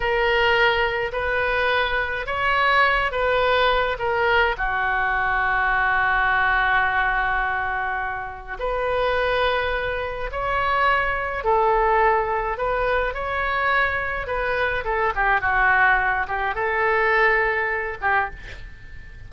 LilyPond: \new Staff \with { instrumentName = "oboe" } { \time 4/4 \tempo 4 = 105 ais'2 b'2 | cis''4. b'4. ais'4 | fis'1~ | fis'2. b'4~ |
b'2 cis''2 | a'2 b'4 cis''4~ | cis''4 b'4 a'8 g'8 fis'4~ | fis'8 g'8 a'2~ a'8 g'8 | }